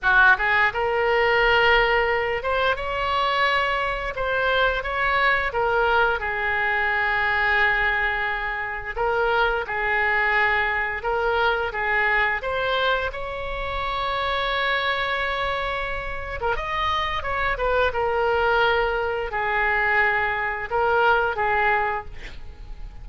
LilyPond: \new Staff \with { instrumentName = "oboe" } { \time 4/4 \tempo 4 = 87 fis'8 gis'8 ais'2~ ais'8 c''8 | cis''2 c''4 cis''4 | ais'4 gis'2.~ | gis'4 ais'4 gis'2 |
ais'4 gis'4 c''4 cis''4~ | cis''2.~ cis''8. ais'16 | dis''4 cis''8 b'8 ais'2 | gis'2 ais'4 gis'4 | }